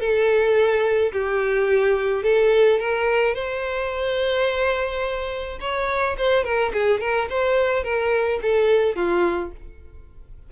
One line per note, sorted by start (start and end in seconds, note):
0.00 1.12 A4
1.13 2.24 G4
2.24 2.80 A4
2.80 3.35 A#4
3.35 5.59 C5
5.61 6.17 C#5
6.18 6.44 C5
6.44 6.72 A#4
6.73 7.00 G#4
7.00 7.28 A#4
7.30 7.84 C5
7.84 8.40 A#4
8.42 8.96 A4
8.96 9.52 F4